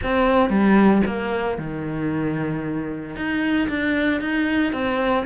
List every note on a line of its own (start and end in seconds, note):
0.03 0.49 C4
0.49 1.02 G3
1.06 1.58 A#3
1.58 3.16 D#3
3.16 3.68 D#4
3.68 4.20 D4
4.20 4.72 D#4
4.72 5.25 C4